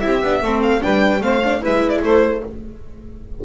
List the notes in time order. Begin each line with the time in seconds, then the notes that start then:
0.00 C4 E4 G4 E5
0.22 B3 D4
0.41 A3 C4 A4
0.63 F5
0.81 G3 D4 B4 G5
1.20 A3 C4 C5 F5
1.44 D4
1.61 G#3 E4 B4 E5
1.89 D5
2.02 A3 A4 C5